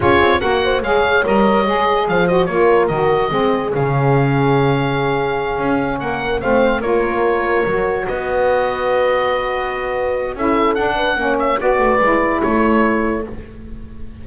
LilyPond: <<
  \new Staff \with { instrumentName = "oboe" } { \time 4/4 \tempo 4 = 145 cis''4 fis''4 f''4 dis''4~ | dis''4 f''8 dis''8 cis''4 dis''4~ | dis''4 f''2.~ | f''2~ f''8 fis''4 f''8~ |
f''8 cis''2. dis''8~ | dis''1~ | dis''4 e''4 fis''4. e''8 | d''2 cis''2 | }
  \new Staff \with { instrumentName = "horn" } { \time 4/4 gis'4 ais'8 c''8 cis''2~ | cis''4 c''4 ais'2 | gis'1~ | gis'2~ gis'8 ais'4 c''8~ |
c''8 ais'2. b'8~ | b'1~ | b'4 a'4. b'8 cis''4 | b'2 a'2 | }
  \new Staff \with { instrumentName = "saxophone" } { \time 4/4 f'4 fis'4 gis'4 ais'4 | gis'4. fis'8 f'4 fis'4 | c'4 cis'2.~ | cis'2.~ cis'8 c'8~ |
c'8 f'2 fis'4.~ | fis'1~ | fis'4 e'4 d'4 cis'4 | fis'4 e'2. | }
  \new Staff \with { instrumentName = "double bass" } { \time 4/4 cis'8 c'8 ais4 gis4 g4 | gis4 f4 ais4 dis4 | gis4 cis2.~ | cis4. cis'4 ais4 a8~ |
a8 ais2 fis4 b8~ | b1~ | b4 cis'4 d'4 ais4 | b8 a8 gis4 a2 | }
>>